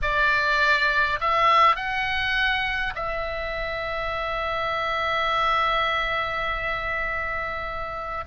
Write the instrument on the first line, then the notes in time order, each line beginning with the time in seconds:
oboe
0.02 D5
1.20 E5
1.76 F#5
2.95 E5